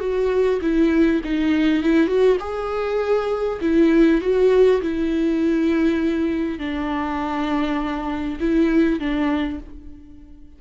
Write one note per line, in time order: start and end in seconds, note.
0.00 0.60 F#4
0.62 1.22 E4
1.24 1.83 D#4
1.83 2.07 E4
2.07 2.37 F#4
2.39 3.59 G#4
3.61 4.21 E4
4.21 4.81 F#4
4.82 6.59 E4
6.59 8.39 D4
8.40 9.00 E4
9.00 9.60 D4